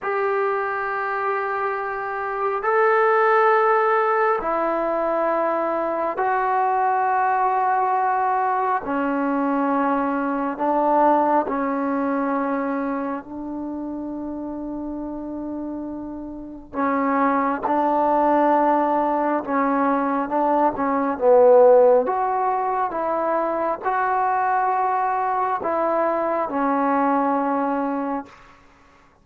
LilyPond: \new Staff \with { instrumentName = "trombone" } { \time 4/4 \tempo 4 = 68 g'2. a'4~ | a'4 e'2 fis'4~ | fis'2 cis'2 | d'4 cis'2 d'4~ |
d'2. cis'4 | d'2 cis'4 d'8 cis'8 | b4 fis'4 e'4 fis'4~ | fis'4 e'4 cis'2 | }